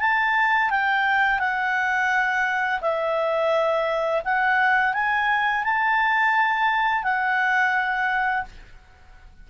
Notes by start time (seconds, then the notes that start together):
0.00 A5
0.70 G5
1.39 F#5
2.81 E5
4.25 F#5
4.93 G#5
5.64 A5
7.03 F#5